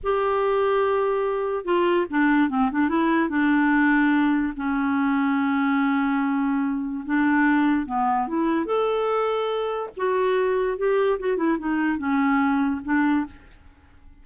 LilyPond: \new Staff \with { instrumentName = "clarinet" } { \time 4/4 \tempo 4 = 145 g'1 | f'4 d'4 c'8 d'8 e'4 | d'2. cis'4~ | cis'1~ |
cis'4 d'2 b4 | e'4 a'2. | fis'2 g'4 fis'8 e'8 | dis'4 cis'2 d'4 | }